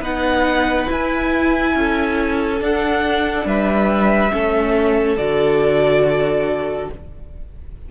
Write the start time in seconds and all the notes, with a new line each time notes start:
0.00 B3 D#4 B4 F#5
0.86 E4 G#5
1.75 C#4 A4
2.60 D4 F#5
3.45 G3 B4 E5
4.31 A3 C#4 A4
5.16 D3 F#4 D5